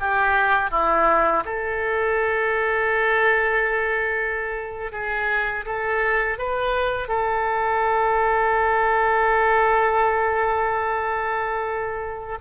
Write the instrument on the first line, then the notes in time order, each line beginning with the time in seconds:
oboe
0.00 G4
0.71 E4
1.45 A4
4.92 G#4
5.66 A4
6.39 B4
7.09 A4